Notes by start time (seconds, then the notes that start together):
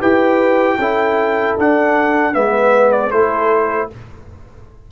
0.00 E4 G4 B4 G5
0.78 C#4 E4 A4
1.58 D4 F#5
2.33 G#3 B3 B4 E5
2.92 D5
3.12 A3 E4 A4 C5